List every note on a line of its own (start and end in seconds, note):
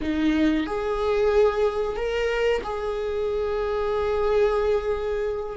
0.01 0.66 D#4
0.66 1.96 G#4
1.96 2.61 A#4
2.63 5.56 G#4